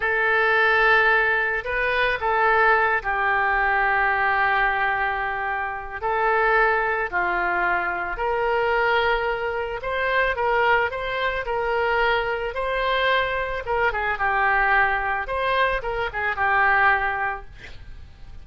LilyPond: \new Staff \with { instrumentName = "oboe" } { \time 4/4 \tempo 4 = 110 a'2. b'4 | a'4. g'2~ g'8~ | g'2. a'4~ | a'4 f'2 ais'4~ |
ais'2 c''4 ais'4 | c''4 ais'2 c''4~ | c''4 ais'8 gis'8 g'2 | c''4 ais'8 gis'8 g'2 | }